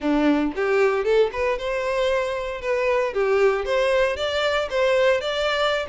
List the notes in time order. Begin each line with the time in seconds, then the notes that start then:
0.00 D4
0.55 G4
1.04 A4
1.32 B4
1.58 C5
2.61 B4
3.13 G4
3.65 C5
4.16 D5
4.70 C5
5.20 D5